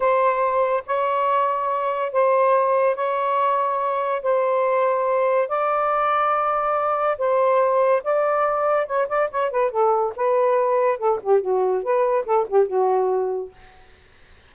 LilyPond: \new Staff \with { instrumentName = "saxophone" } { \time 4/4 \tempo 4 = 142 c''2 cis''2~ | cis''4 c''2 cis''4~ | cis''2 c''2~ | c''4 d''2.~ |
d''4 c''2 d''4~ | d''4 cis''8 d''8 cis''8 b'8 a'4 | b'2 a'8 g'8 fis'4 | b'4 a'8 g'8 fis'2 | }